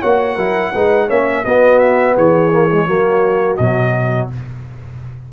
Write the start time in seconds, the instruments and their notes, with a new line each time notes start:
0.00 tuba A#3, trombone F#4, horn C#5, trumpet F#5
0.36 tuba F#3, trombone E4, horn A#4
0.75 tuba G#3, trombone D#4, horn B4
1.07 tuba A#3, trombone C#4, horn C#5, trumpet E5
1.44 tuba B3, trombone B3, horn F#4, trumpet D#5
1.79 trumpet E5
2.16 tuba E3, horn G#4, trumpet C#5
2.53 trombone A#3
2.72 trombone G#3
2.87 tuba F#3, trombone A#3, horn F#4
3.57 tuba B2, trombone F#3, trumpet D#5